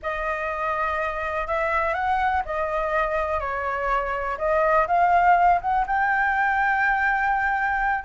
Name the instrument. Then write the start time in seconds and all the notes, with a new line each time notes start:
flute
0.02 D#5
1.47 E5
1.94 F#5
2.45 D#5
3.40 C#5
4.37 D#5
4.87 F5
5.61 F#5
5.87 G5